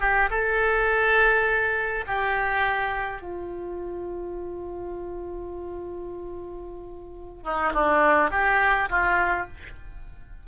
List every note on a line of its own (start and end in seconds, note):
0.00 0.29 G4
0.30 2.05 A4
2.07 3.22 G4
3.22 7.43 F4
7.43 7.72 D#4
7.73 8.30 D4
8.30 8.89 G4
8.89 9.47 F4